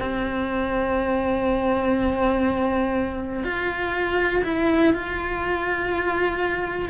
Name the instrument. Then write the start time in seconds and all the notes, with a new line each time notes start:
cello
0.00 C4
3.44 F4
4.44 E4
4.94 F4